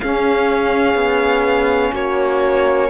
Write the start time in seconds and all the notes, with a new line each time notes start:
0.00 C#4 G#4 F5
0.95 B3
1.92 A#3 F#4 C#5